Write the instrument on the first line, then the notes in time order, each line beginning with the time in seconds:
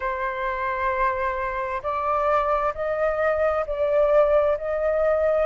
flute
0.00 C5
1.82 D5
2.74 D#5
3.66 D5
4.57 D#5